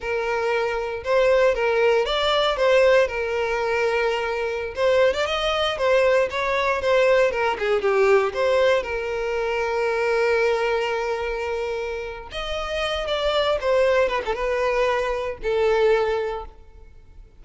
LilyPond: \new Staff \with { instrumentName = "violin" } { \time 4/4 \tempo 4 = 117 ais'2 c''4 ais'4 | d''4 c''4 ais'2~ | ais'4~ ais'16 c''8. d''16 dis''4 c''8.~ | c''16 cis''4 c''4 ais'8 gis'8 g'8.~ |
g'16 c''4 ais'2~ ais'8.~ | ais'1 | dis''4. d''4 c''4 b'16 a'16 | b'2 a'2 | }